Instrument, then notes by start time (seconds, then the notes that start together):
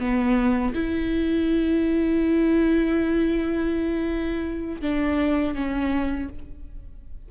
viola
0.00 B3
0.75 E4
4.82 D4
5.55 C#4